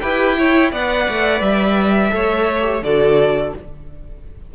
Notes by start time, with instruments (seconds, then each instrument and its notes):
0.00 cello E4, viola G4, violin B4 G5
0.37 viola E4, violin C#5
0.70 cello B3, viola B4, violin D5 F#5
1.09 cello A3
1.41 cello G3, violin E5
2.09 cello A3, viola A4, violin C#5
2.61 viola G4
2.82 cello D3, viola F#4, violin A4 D5